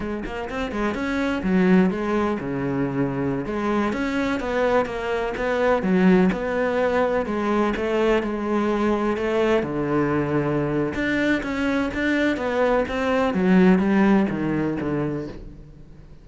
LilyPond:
\new Staff \with { instrumentName = "cello" } { \time 4/4 \tempo 4 = 126 gis8 ais8 c'8 gis8 cis'4 fis4 | gis4 cis2~ cis16 gis8.~ | gis16 cis'4 b4 ais4 b8.~ | b16 fis4 b2 gis8.~ |
gis16 a4 gis2 a8.~ | a16 d2~ d8. d'4 | cis'4 d'4 b4 c'4 | fis4 g4 dis4 d4 | }